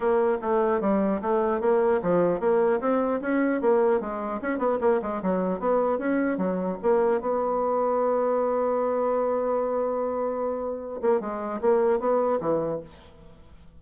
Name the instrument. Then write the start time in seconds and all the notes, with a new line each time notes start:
bassoon
0.00 A#3
0.41 A3
0.80 G3
1.21 A3
1.60 A#3
2.02 F3
2.40 A#3
2.80 C4
3.21 C#4
3.61 A#3
4.00 G#3
4.41 C#4
4.58 B3
4.80 A#3
5.01 G#3
5.22 F#3
5.59 B3
5.98 C#4
6.37 F#3
6.82 A#3
7.20 B3
11.01 A#3
11.20 G#3
11.61 A#3
11.99 B3
12.40 E3